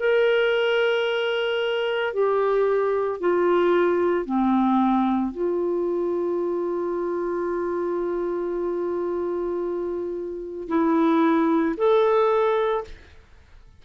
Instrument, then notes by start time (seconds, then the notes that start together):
clarinet
0.00 A#4
2.13 G4
3.20 F4
4.26 C4
5.32 F4
10.69 E4
11.77 A4